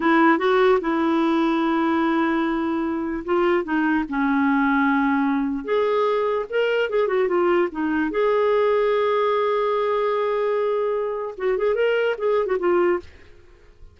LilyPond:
\new Staff \with { instrumentName = "clarinet" } { \time 4/4 \tempo 4 = 148 e'4 fis'4 e'2~ | e'1 | f'4 dis'4 cis'2~ | cis'2 gis'2 |
ais'4 gis'8 fis'8 f'4 dis'4 | gis'1~ | gis'1 | fis'8 gis'8 ais'4 gis'8. fis'16 f'4 | }